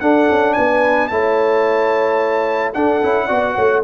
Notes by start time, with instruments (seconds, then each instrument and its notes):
0.00 trombone D4, tuba D4, horn A4, trumpet F#5
0.30 tuba C#4
0.53 tuba B3, horn B4, trumpet G#5
1.07 tuba A3, trombone E4, horn C#5, trumpet A5
2.74 trombone D4, tuba D4, horn A4, trumpet F#5
3.02 tuba C#4, trombone E4
3.26 tuba B3, trombone F#4, horn D5
3.55 tuba A3, horn C#5